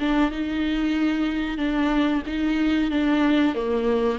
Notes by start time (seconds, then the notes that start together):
0.00 D4
0.32 D#4
1.58 D4
2.27 D#4
2.91 D4
3.55 A#3